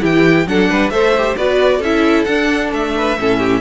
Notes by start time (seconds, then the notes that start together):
0.00 E3 E4 G4 G5
0.47 F#3 D4 A4 F#5
0.69 G3 B4
0.90 A3 A4 C5 E5
1.18 G4
1.37 B3 F#4 B4 D5
1.77 C#4 A4
1.83 E4 E5
2.24 D4 F#5
2.72 A3 E5
2.96 B4
3.19 A2 C#4 A4
3.39 G4